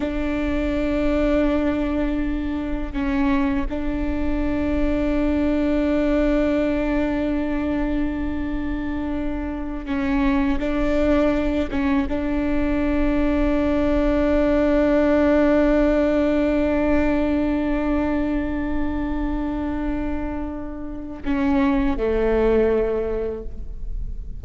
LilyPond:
\new Staff \with { instrumentName = "viola" } { \time 4/4 \tempo 4 = 82 d'1 | cis'4 d'2.~ | d'1~ | d'4. cis'4 d'4. |
cis'8 d'2.~ d'8~ | d'1~ | d'1~ | d'4 cis'4 a2 | }